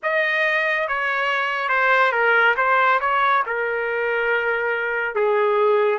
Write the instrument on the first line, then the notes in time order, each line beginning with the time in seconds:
trumpet
0.02 D#5
0.88 C#5
1.69 C5
2.12 A#4
2.56 C5
3.00 C#5
3.46 A#4
5.15 G#4